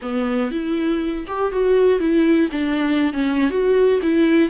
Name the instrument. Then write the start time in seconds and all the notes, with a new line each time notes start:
viola
0.01 B3
0.51 E4
1.27 G4
1.52 F#4
1.99 E4
2.51 D4
3.13 C#4
3.50 F#4
4.02 E4